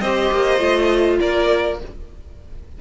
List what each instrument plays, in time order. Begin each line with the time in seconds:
0.00 cello C4, viola G4, violin C5 D#5
0.31 cello A#3
0.59 cello A3, viola F4
1.20 cello A#3, violin A#4 D5